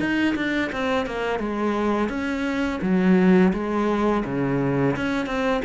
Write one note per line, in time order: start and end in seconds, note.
0.00 0.35 D#4
0.36 0.71 D4
0.72 1.07 C4
1.07 1.40 A#3
1.40 2.09 G#3
2.09 2.80 C#4
2.82 3.53 F#3
3.53 4.24 G#3
4.25 4.96 C#3
4.97 5.26 C#4
5.26 5.61 C4